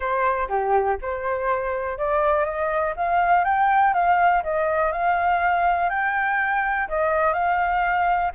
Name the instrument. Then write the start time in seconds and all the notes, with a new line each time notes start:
flute
0.00 C5
0.49 G4
1.01 C5
1.98 D5
2.45 D#5
2.96 F5
3.44 G5
3.93 F5
4.43 D#5
4.92 F5
5.89 G5
6.88 D#5
7.33 F5